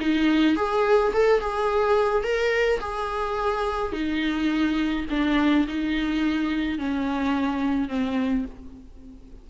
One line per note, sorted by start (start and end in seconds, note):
0.00 0.56 D#4
0.56 1.13 G#4
1.13 1.40 A4
1.40 2.23 G#4
2.23 2.80 A#4
2.80 3.93 G#4
3.93 5.06 D#4
5.10 5.67 D4
5.68 6.78 D#4
6.78 7.89 C#4
7.89 8.45 C4